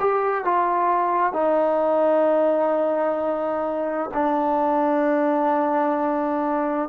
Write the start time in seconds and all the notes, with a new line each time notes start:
0.00 G4
0.44 F4
1.33 D#4
4.14 D4